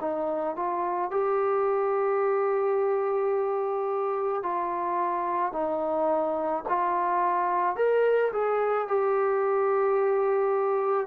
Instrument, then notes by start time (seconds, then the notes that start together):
trombone
0.00 D#4
0.56 F4
1.11 G4
4.42 F4
5.52 D#4
6.68 F4
7.76 A#4
8.32 G#4
8.87 G4